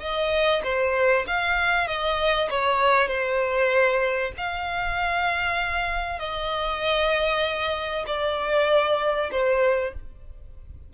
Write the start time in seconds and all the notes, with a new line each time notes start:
0.00 D#5
0.63 C5
1.27 F5
1.87 D#5
2.50 C#5
3.08 C5
4.37 F5
6.19 D#5
8.06 D5
9.31 C5